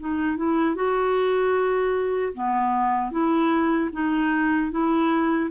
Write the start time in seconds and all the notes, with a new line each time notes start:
0.00 D#4
0.37 E4
0.75 F#4
2.34 B3
3.11 E4
3.93 D#4
4.72 E4